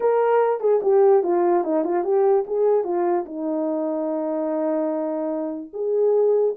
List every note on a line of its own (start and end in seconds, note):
0.00 0.60 A#4
0.60 0.80 G#4
0.82 1.23 G4
1.23 1.64 F4
1.64 1.84 D#4
1.84 2.04 F4
2.04 2.45 G4
2.46 2.84 G#4
2.84 3.24 F4
3.25 5.70 D#4
5.73 6.55 G#4